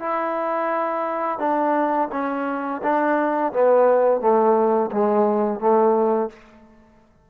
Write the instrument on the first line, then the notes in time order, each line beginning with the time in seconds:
trombone
0.00 E4
1.39 D4
2.12 C#4
2.83 D4
3.53 B3
4.21 A3
4.92 G#3
5.60 A3